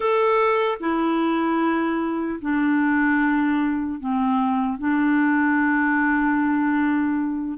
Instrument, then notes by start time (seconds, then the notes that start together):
clarinet
0.00 A4
0.80 E4
2.41 D4
4.00 C4
4.78 D4